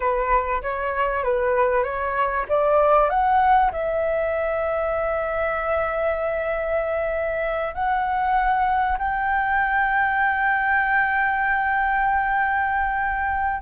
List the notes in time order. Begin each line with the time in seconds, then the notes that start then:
0.00 B4
0.62 C#5
1.23 B4
1.83 C#5
2.48 D5
3.09 F#5
3.72 E5
7.74 F#5
8.98 G5